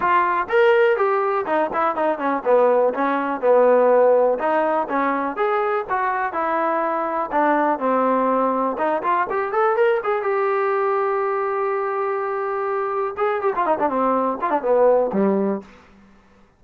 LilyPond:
\new Staff \with { instrumentName = "trombone" } { \time 4/4 \tempo 4 = 123 f'4 ais'4 g'4 dis'8 e'8 | dis'8 cis'8 b4 cis'4 b4~ | b4 dis'4 cis'4 gis'4 | fis'4 e'2 d'4 |
c'2 dis'8 f'8 g'8 a'8 | ais'8 gis'8 g'2.~ | g'2. gis'8 g'16 f'16 | dis'16 d'16 c'4 f'16 d'16 b4 g4 | }